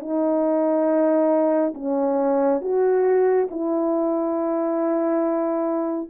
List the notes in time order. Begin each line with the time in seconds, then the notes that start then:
0.00 D#4
1.75 C#4
2.62 F#4
3.51 E4